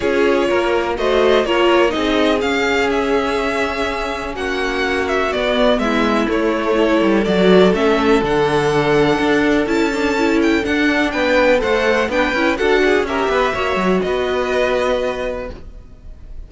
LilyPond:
<<
  \new Staff \with { instrumentName = "violin" } { \time 4/4 \tempo 4 = 124 cis''2 dis''4 cis''4 | dis''4 f''4 e''2~ | e''4 fis''4. e''8 d''4 | e''4 cis''2 d''4 |
e''4 fis''2. | a''4. g''8 fis''4 g''4 | fis''4 g''4 fis''4 e''4~ | e''4 dis''2. | }
  \new Staff \with { instrumentName = "violin" } { \time 4/4 gis'4 ais'4 c''4 ais'4 | gis'1~ | gis'4 fis'2. | e'2 a'2~ |
a'1~ | a'2. b'4 | c''4 b'4 a'8 gis'8 ais'8 b'8 | cis''4 b'2. | }
  \new Staff \with { instrumentName = "viola" } { \time 4/4 f'2 fis'4 f'4 | dis'4 cis'2.~ | cis'2. b4~ | b4 a4 e'4 fis'4 |
cis'4 d'2. | e'8 d'8 e'4 d'2 | a'4 d'8 e'8 fis'4 g'4 | fis'1 | }
  \new Staff \with { instrumentName = "cello" } { \time 4/4 cis'4 ais4 a4 ais4 | c'4 cis'2.~ | cis'4 ais2 b4 | gis4 a4. g8 fis4 |
a4 d2 d'4 | cis'2 d'4 b4 | a4 b8 cis'8 d'4 cis'8 b8 | ais8 fis8 b2. | }
>>